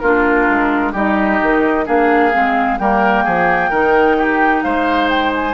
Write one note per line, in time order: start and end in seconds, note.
0.00 0.48 A#3
0.00 0.95 D4
0.00 0.93 F4
0.00 0.92 A#4
0.49 0.94 G#3
0.93 1.40 G3
0.93 1.86 D#4
0.93 1.85 G4
0.93 1.87 D#5
1.42 1.88 D#3
1.86 2.34 A#3
1.86 2.32 D4
1.86 2.79 G#4
1.86 2.79 F5
2.33 2.79 G#3
2.33 2.79 C4
2.79 3.26 G3
2.79 3.72 A#3
2.79 3.24 A#4
2.79 4.63 G5
3.24 3.71 F3
3.24 3.70 G#4
3.70 4.63 D#3
3.70 5.54 D#4
3.70 4.16 A#4
4.18 4.64 G4
4.63 5.54 G#3
4.63 5.54 C5
4.63 5.09 F5
5.10 5.33 G5
5.35 5.54 G#5